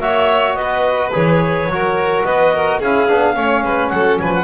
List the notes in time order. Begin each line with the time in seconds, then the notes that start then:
0.00 A#3 F#4 C#5 E5
0.55 B3 B4 D#5
1.12 E3 G#4 C#5
1.67 F#3 F#4
1.74 A#4
2.25 B3 B4 D#5
2.54 A#4
2.80 C#4 E4 G#4 F5
3.09 B3 D4
3.34 A3 C#4 C#5
3.63 G#3 B4
3.89 F#3 A4 F#5
4.19 F3 B4 G#5
4.34 F#5